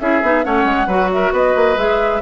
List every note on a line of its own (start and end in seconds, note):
0.00 0.22 C#4
0.00 0.23 E4
0.00 0.45 G#4
0.00 0.44 E5
0.22 0.45 B3
0.22 0.43 D#4
0.43 0.64 A3
0.43 0.88 C#4
0.43 0.87 C#5
0.43 1.11 F#5
0.64 0.87 G#3
0.87 1.31 F#3
0.87 1.77 F#4
0.87 1.10 B4
1.12 1.33 A#4
1.12 1.34 E5
1.33 1.55 B3
1.33 2.22 B4
1.33 1.78 D#5
1.56 1.77 A#3
1.77 2.21 G#3
1.77 2.22 G#4
1.77 2.22 E5